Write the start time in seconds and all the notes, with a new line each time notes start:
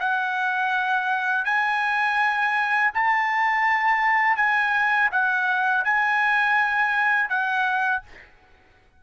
0.00 F#5
1.45 G#5
2.94 A5
4.37 G#5
5.12 F#5
5.85 G#5
7.30 F#5